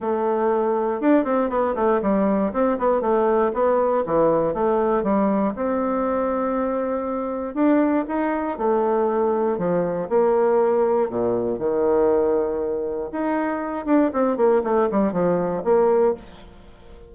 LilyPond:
\new Staff \with { instrumentName = "bassoon" } { \time 4/4 \tempo 4 = 119 a2 d'8 c'8 b8 a8 | g4 c'8 b8 a4 b4 | e4 a4 g4 c'4~ | c'2. d'4 |
dis'4 a2 f4 | ais2 ais,4 dis4~ | dis2 dis'4. d'8 | c'8 ais8 a8 g8 f4 ais4 | }